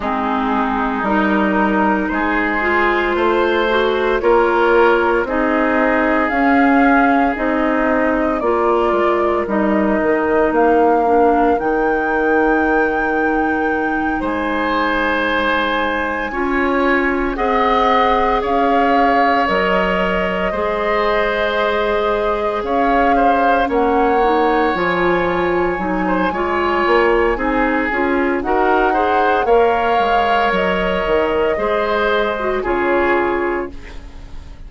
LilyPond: <<
  \new Staff \with { instrumentName = "flute" } { \time 4/4 \tempo 4 = 57 gis'4 ais'4 c''2 | cis''4 dis''4 f''4 dis''4 | d''4 dis''4 f''4 g''4~ | g''4. gis''2~ gis''8~ |
gis''8 fis''4 f''4 dis''4.~ | dis''4. f''4 fis''4 gis''8~ | gis''2. fis''4 | f''4 dis''2 cis''4 | }
  \new Staff \with { instrumentName = "oboe" } { \time 4/4 dis'2 gis'4 c''4 | ais'4 gis'2. | ais'1~ | ais'4. c''2 cis''8~ |
cis''8 dis''4 cis''2 c''8~ | c''4. cis''8 c''8 cis''4.~ | cis''8. c''16 cis''4 gis'4 ais'8 c''8 | cis''2 c''4 gis'4 | }
  \new Staff \with { instrumentName = "clarinet" } { \time 4/4 c'4 dis'4. f'4 fis'8 | f'4 dis'4 cis'4 dis'4 | f'4 dis'4. d'8 dis'4~ | dis'2.~ dis'8 f'8~ |
f'8 gis'2 ais'4 gis'8~ | gis'2~ gis'8 cis'8 dis'8 f'8~ | f'8 dis'8 f'4 dis'8 f'8 fis'8 gis'8 | ais'2 gis'8. fis'16 f'4 | }
  \new Staff \with { instrumentName = "bassoon" } { \time 4/4 gis4 g4 gis4 a4 | ais4 c'4 cis'4 c'4 | ais8 gis8 g8 dis8 ais4 dis4~ | dis4. gis2 cis'8~ |
cis'8 c'4 cis'4 fis4 gis8~ | gis4. cis'4 ais4 f8~ | f8 fis8 gis8 ais8 c'8 cis'8 dis'4 | ais8 gis8 fis8 dis8 gis4 cis4 | }
>>